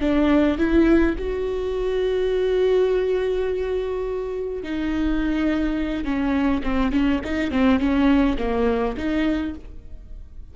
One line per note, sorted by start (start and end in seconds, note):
0.00 0.58 D4
0.58 1.15 E4
1.18 4.63 F#4
4.63 6.04 D#4
6.04 6.62 C#4
6.63 6.92 C4
6.92 7.20 C#4
7.24 7.51 D#4
7.51 7.79 C4
7.79 8.37 C#4
8.38 8.96 A#3
8.97 9.55 D#4